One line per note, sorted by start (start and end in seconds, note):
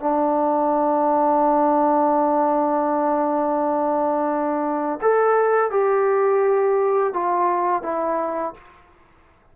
0.00 5.00 D4
5.02 5.70 A4
5.70 7.13 G4
7.14 7.82 F4
7.82 8.54 E4